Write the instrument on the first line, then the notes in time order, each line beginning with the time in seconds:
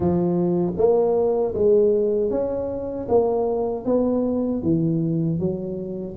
tuba
0.00 F3
0.77 A#3
1.54 G#3
2.30 C#4
3.08 A#3
3.85 B3
4.62 E3
5.39 F#3